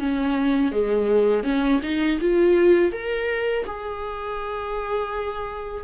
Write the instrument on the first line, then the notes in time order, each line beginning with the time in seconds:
viola
0.00 C#4
0.73 G#3
1.44 C#4
1.83 D#4
2.21 F4
2.93 A#4
3.67 G#4